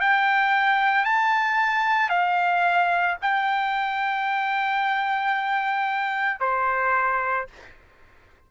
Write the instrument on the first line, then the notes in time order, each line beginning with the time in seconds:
trumpet
0.00 G5
1.04 A5
2.09 F5
3.21 G5
6.39 C5